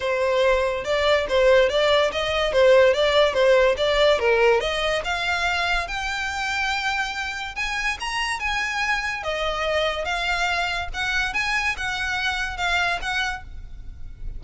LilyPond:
\new Staff \with { instrumentName = "violin" } { \time 4/4 \tempo 4 = 143 c''2 d''4 c''4 | d''4 dis''4 c''4 d''4 | c''4 d''4 ais'4 dis''4 | f''2 g''2~ |
g''2 gis''4 ais''4 | gis''2 dis''2 | f''2 fis''4 gis''4 | fis''2 f''4 fis''4 | }